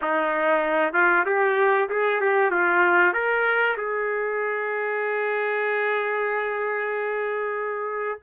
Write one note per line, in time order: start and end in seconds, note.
0.01 0.93 D#4
0.93 1.25 F4
1.25 1.89 G4
1.89 2.20 G#4
2.20 2.51 G4
2.51 3.13 F4
3.13 3.76 A#4
3.77 8.19 G#4